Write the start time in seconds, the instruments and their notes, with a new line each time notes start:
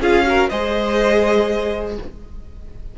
0.00 cello C#4, viola F4, violin G#4 F5
0.25 viola F#4, violin A#4
0.49 cello G#3, viola G#4, violin C5 D#5